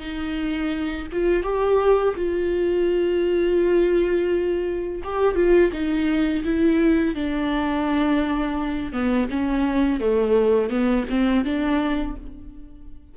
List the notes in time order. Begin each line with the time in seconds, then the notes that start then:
0.00 D#4
1.12 F4
1.43 G4
2.17 F4
5.04 G4
5.35 F4
5.73 D#4
6.45 E4
7.15 D4
8.93 B3
9.31 C#4
10.00 A3
10.70 B3
11.09 C4
11.45 D4